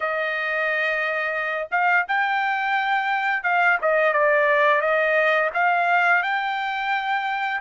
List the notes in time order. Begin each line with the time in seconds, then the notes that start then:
0.00 D#5
1.71 F5
2.08 G5
3.43 F5
3.81 D#5
4.13 D5
4.81 D#5
5.53 F5
6.23 G5